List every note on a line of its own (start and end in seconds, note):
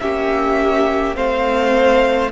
0.00 1.16 A#3
0.00 1.15 C#4
0.00 1.16 G4
0.00 1.15 E5
1.15 2.31 A3
1.15 2.30 C4
1.15 2.31 C5
1.15 2.31 F5